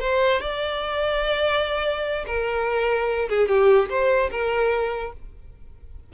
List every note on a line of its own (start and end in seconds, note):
0.00 0.41 C5
0.41 2.25 D5
2.26 3.28 A#4
3.29 3.48 G#4
3.48 3.89 G4
3.89 4.30 C5
4.31 5.12 A#4